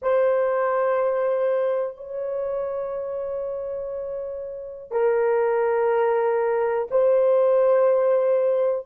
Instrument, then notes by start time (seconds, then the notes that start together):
horn
0.01 C5
1.97 C#5
4.91 A#4
6.90 C5